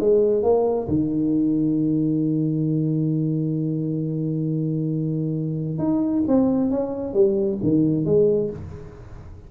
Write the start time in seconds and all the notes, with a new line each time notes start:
0.00 G#3
0.43 A#3
0.88 D#3
5.78 D#4
6.28 C4
6.70 C#4
7.14 G3
7.63 D#3
8.05 G#3